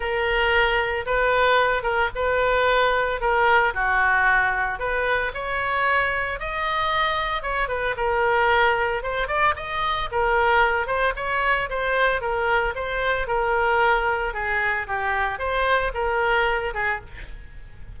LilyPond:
\new Staff \with { instrumentName = "oboe" } { \time 4/4 \tempo 4 = 113 ais'2 b'4. ais'8 | b'2 ais'4 fis'4~ | fis'4 b'4 cis''2 | dis''2 cis''8 b'8 ais'4~ |
ais'4 c''8 d''8 dis''4 ais'4~ | ais'8 c''8 cis''4 c''4 ais'4 | c''4 ais'2 gis'4 | g'4 c''4 ais'4. gis'8 | }